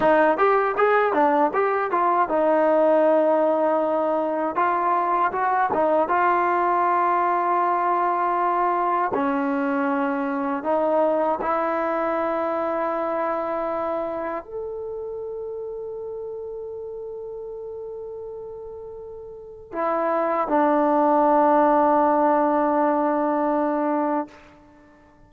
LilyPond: \new Staff \with { instrumentName = "trombone" } { \time 4/4 \tempo 4 = 79 dis'8 g'8 gis'8 d'8 g'8 f'8 dis'4~ | dis'2 f'4 fis'8 dis'8 | f'1 | cis'2 dis'4 e'4~ |
e'2. a'4~ | a'1~ | a'2 e'4 d'4~ | d'1 | }